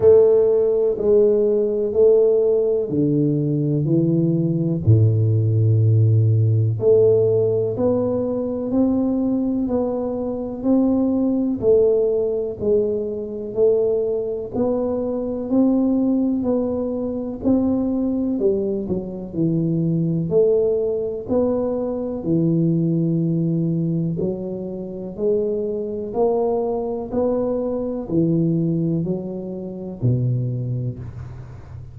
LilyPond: \new Staff \with { instrumentName = "tuba" } { \time 4/4 \tempo 4 = 62 a4 gis4 a4 d4 | e4 a,2 a4 | b4 c'4 b4 c'4 | a4 gis4 a4 b4 |
c'4 b4 c'4 g8 fis8 | e4 a4 b4 e4~ | e4 fis4 gis4 ais4 | b4 e4 fis4 b,4 | }